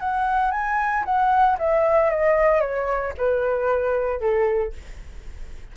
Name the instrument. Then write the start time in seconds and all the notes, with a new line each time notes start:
flute
0.00 F#5
0.52 G#5
1.05 F#5
1.59 E5
2.10 D#5
2.61 C#5
3.18 B4
4.20 A4